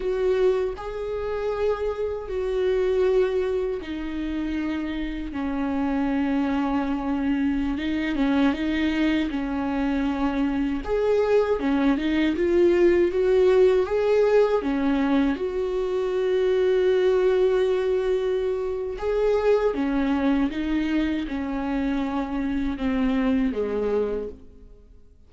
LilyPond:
\new Staff \with { instrumentName = "viola" } { \time 4/4 \tempo 4 = 79 fis'4 gis'2 fis'4~ | fis'4 dis'2 cis'4~ | cis'2~ cis'16 dis'8 cis'8 dis'8.~ | dis'16 cis'2 gis'4 cis'8 dis'16~ |
dis'16 f'4 fis'4 gis'4 cis'8.~ | cis'16 fis'2.~ fis'8.~ | fis'4 gis'4 cis'4 dis'4 | cis'2 c'4 gis4 | }